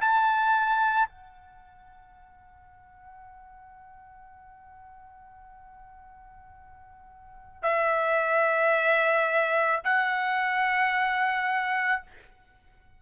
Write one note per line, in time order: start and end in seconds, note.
0.00 1.08 A5
1.08 7.62 F#5
7.62 9.80 E5
9.84 12.02 F#5